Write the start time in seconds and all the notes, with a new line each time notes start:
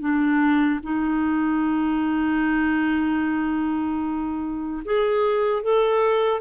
0.00 D4
0.83 D#4
4.85 G#4
5.63 A4